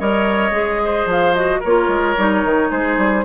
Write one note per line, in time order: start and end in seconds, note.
0.00 0.51 G3
0.00 0.52 A#4
0.00 0.81 C#5
0.00 1.08 D#5
0.51 1.05 G#3
0.51 1.33 G#4
0.85 1.60 C5
1.06 1.60 F3
1.06 1.35 F5
1.35 1.62 F#4
1.35 1.62 D#5
1.60 1.88 A#3
1.60 2.68 A#4
1.60 2.72 C#5
1.67 2.17 F4
1.88 2.15 G#3
2.17 2.44 G3
2.17 3.25 D#4
2.44 2.71 D#3
2.71 2.98 G#3
2.71 3.25 G#4
2.71 3.25 C5
2.98 3.25 G3